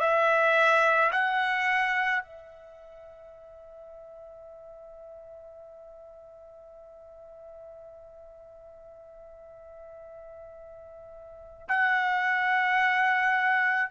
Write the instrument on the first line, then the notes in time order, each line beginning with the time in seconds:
trumpet
0.00 E5
1.12 F#5
2.23 E5
11.68 F#5